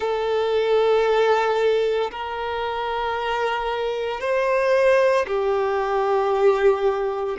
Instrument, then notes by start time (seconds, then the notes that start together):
violin
0.00 A4
2.11 A#4
4.20 C5
5.26 G4